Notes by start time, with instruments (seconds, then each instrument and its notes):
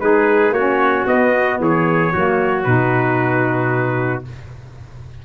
0.00 tuba G#3, saxophone D#4, trumpet G#4 B4
0.51 tuba A#3, saxophone C#4, trumpet F#4 C#5
1.07 tuba B3, saxophone B3, trumpet D#5
1.60 tuba E3, trumpet G#4 C#5
2.13 tuba F#3, saxophone A#3, trumpet F#4
2.64 tuba B2, saxophone D#4, trumpet B4